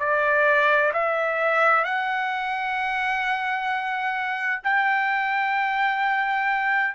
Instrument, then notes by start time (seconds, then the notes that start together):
trumpet
0.00 D5
0.94 E5
1.85 F#5
4.64 G5